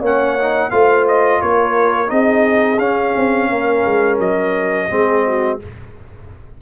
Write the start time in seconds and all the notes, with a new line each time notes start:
0.00 A#3 C#4 C#5 F#5
0.40 D#4
0.71 A3 F4 C5 F5
1.08 D#5
1.42 A#3 A#4 C#5
2.07 C4 D#4 G#4 D#5
2.78 C#4 F5
3.17 C4
3.50 A#3 A#4
3.85 G#3
4.19 F#3 D#5
4.90 G#3 C4 G#4
5.27 F#4